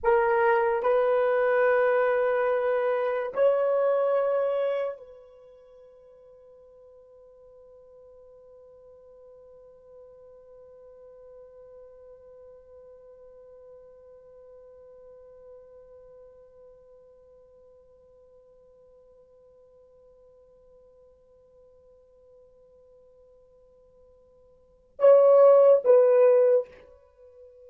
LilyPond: \new Staff \with { instrumentName = "horn" } { \time 4/4 \tempo 4 = 72 ais'4 b'2. | cis''2 b'2~ | b'1~ | b'1~ |
b'1~ | b'1~ | b'1~ | b'2 cis''4 b'4 | }